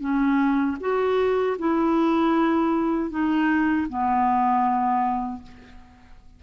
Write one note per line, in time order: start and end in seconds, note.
0.00 0.77 C#4
0.80 1.57 F#4
1.58 3.10 E4
3.10 3.87 D#4
3.89 5.43 B3